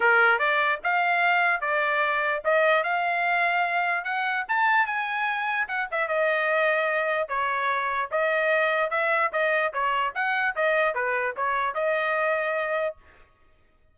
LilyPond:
\new Staff \with { instrumentName = "trumpet" } { \time 4/4 \tempo 4 = 148 ais'4 d''4 f''2 | d''2 dis''4 f''4~ | f''2 fis''4 a''4 | gis''2 fis''8 e''8 dis''4~ |
dis''2 cis''2 | dis''2 e''4 dis''4 | cis''4 fis''4 dis''4 b'4 | cis''4 dis''2. | }